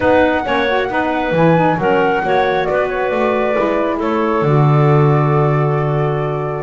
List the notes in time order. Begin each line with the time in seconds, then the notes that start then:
0.00 B3 D#4 B4 F#5
0.44 A#3 C#4 C#5
0.69 F#4
0.89 B3 D#4 B4
1.31 E3 E4 G#5
1.56 D#4
1.77 F#3 C#4 A#4 F#5
2.23 A#3 F#4 C#5
2.65 B3 B4 D5
2.88 C#5
3.08 A3 D5
3.54 G#3 E4
3.97 A3 A4 C#5
4.41 D3 F#4 D5